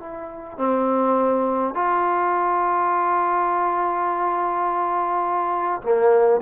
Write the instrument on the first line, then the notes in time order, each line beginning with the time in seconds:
trombone
0.00 E4
0.58 C4
1.74 F4
5.83 A#3